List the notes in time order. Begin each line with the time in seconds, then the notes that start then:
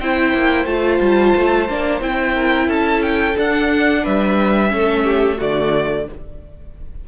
0.00 C4 E4 C5 G5
0.34 A#3
0.65 A3 F4 A5
1.00 G3
1.36 A3
1.69 A#3 D4
2.01 C4 E4 G5
2.34 A#4
2.67 C#4 A4 A5
3.02 G5
3.36 D4 F#5
4.03 G3 B4 E5
4.69 A3 C#4 A4
5.04 G4
5.37 D3 A3 F#4 D5